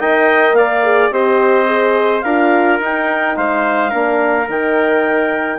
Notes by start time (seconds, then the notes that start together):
0.00 D#4 A#4 D#5 G5
0.54 A#3 D5 F5
0.84 G#4
1.11 C4 G4 C5 D#5
1.66 G#4
2.22 D4 F4 A#4 F5
2.80 D#4 G5
3.37 G#3 C5 F5
3.90 A#3 D4 A#4
4.48 D#3 D#4 G5